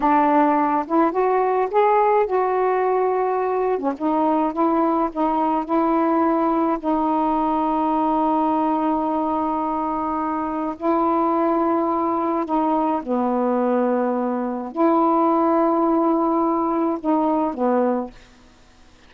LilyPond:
\new Staff \with { instrumentName = "saxophone" } { \time 4/4 \tempo 4 = 106 d'4. e'8 fis'4 gis'4 | fis'2~ fis'8. cis'16 dis'4 | e'4 dis'4 e'2 | dis'1~ |
dis'2. e'4~ | e'2 dis'4 b4~ | b2 e'2~ | e'2 dis'4 b4 | }